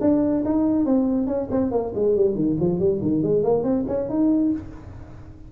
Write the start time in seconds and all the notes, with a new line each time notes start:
0.00 D4
0.45 D#4
0.85 C4
1.27 C#4
1.51 C4
1.71 A#3
1.95 G#3
2.16 G3
2.34 D#3
2.60 F3
2.79 G3
3.01 D#3
3.22 G#3
3.43 A#3
3.63 C4
3.88 C#4
4.08 D#4